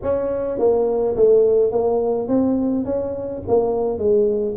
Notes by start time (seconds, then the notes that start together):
0.02 C#4
0.58 A#3
1.16 A3
1.71 A#3
2.28 C4
2.84 C#4
3.47 A#3
3.98 G#3